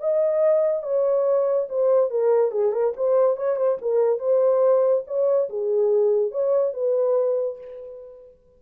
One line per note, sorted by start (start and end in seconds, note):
0.00 0.83 D#5
0.83 1.67 C#5
1.69 2.10 C5
2.10 2.51 A#4
2.51 2.72 G#4
2.72 2.93 A#4
2.97 3.37 C5
3.37 3.56 C#5
3.56 3.77 C5
3.81 4.19 A#4
4.19 5.04 C5
5.07 5.49 C#5
5.49 6.32 G#4
6.32 6.74 C#5
6.74 7.58 B4